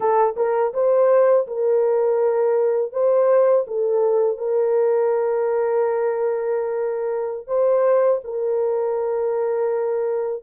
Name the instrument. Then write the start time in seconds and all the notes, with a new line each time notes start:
horn
0.00 A4
0.36 A#4
0.73 C5
1.47 A#4
2.92 C5
3.67 A4
4.37 A#4
7.47 C5
8.24 A#4